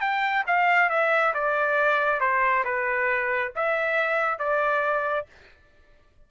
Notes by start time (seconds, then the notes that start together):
0.00 G5
0.47 F5
0.89 E5
1.34 D5
2.20 C5
2.64 B4
3.55 E5
4.38 D5